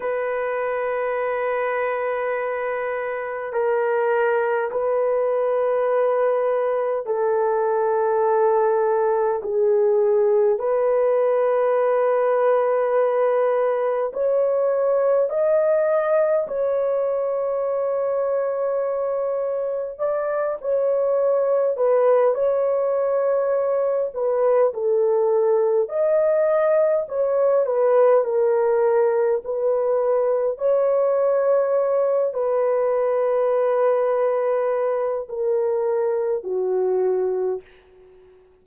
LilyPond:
\new Staff \with { instrumentName = "horn" } { \time 4/4 \tempo 4 = 51 b'2. ais'4 | b'2 a'2 | gis'4 b'2. | cis''4 dis''4 cis''2~ |
cis''4 d''8 cis''4 b'8 cis''4~ | cis''8 b'8 a'4 dis''4 cis''8 b'8 | ais'4 b'4 cis''4. b'8~ | b'2 ais'4 fis'4 | }